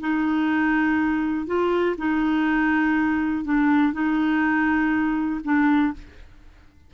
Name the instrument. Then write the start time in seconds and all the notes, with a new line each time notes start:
clarinet
0.00 D#4
1.46 F4
1.98 D#4
3.44 D4
3.93 D#4
5.44 D4